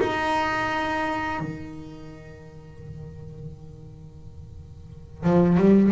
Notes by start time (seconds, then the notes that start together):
0.00 D#4
1.40 D#3
5.23 F3
5.58 G3